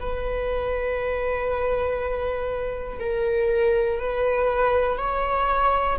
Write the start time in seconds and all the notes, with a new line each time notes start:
0.00 B4
3.00 A#4
4.00 B4
4.98 C#5